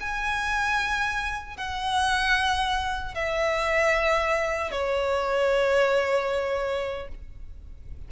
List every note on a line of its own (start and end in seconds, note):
0.00 1.57 G#5
1.57 3.15 F#5
3.15 4.72 E5
4.72 7.08 C#5